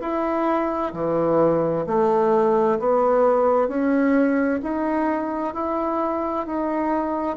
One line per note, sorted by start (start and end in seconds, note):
0.00 0.92 E4
0.93 1.85 E3
1.86 2.79 A3
2.79 3.68 B3
3.68 4.60 C#4
4.62 5.54 D#4
5.54 6.46 E4
6.46 7.36 D#4